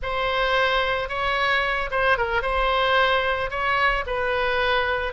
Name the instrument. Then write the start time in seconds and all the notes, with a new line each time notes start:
oboe
0.02 C5
1.08 C#5
1.90 C5
2.17 A#4
2.42 C5
3.50 C#5
4.06 B4